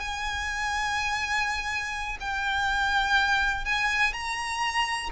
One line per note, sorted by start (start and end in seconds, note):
0.00 2.18 G#5
2.20 3.65 G5
3.65 4.13 G#5
4.13 5.10 A#5